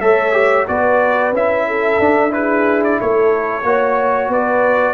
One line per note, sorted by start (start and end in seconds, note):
0.00 0.66 A3
0.00 0.33 A4
0.00 0.67 C#5
0.00 0.66 E5
0.33 0.66 G4
0.67 1.32 B3
0.67 1.33 F#4
0.67 1.67 B4
0.67 1.33 D5
1.32 1.98 C#4
1.32 2.00 E4
1.32 2.33 E5
1.67 2.33 A4
1.99 2.98 D4
1.99 2.30 D4
2.30 3.62 E4
2.30 2.99 G#4
2.30 2.82 B4
2.83 3.00 D5
3.00 3.62 A3
3.00 3.65 A4
3.00 4.32 C#5
3.62 4.28 A#3
3.62 4.94 F#4
3.62 4.30 C#5
4.28 4.94 B3
4.28 4.94 B4
4.28 4.94 D5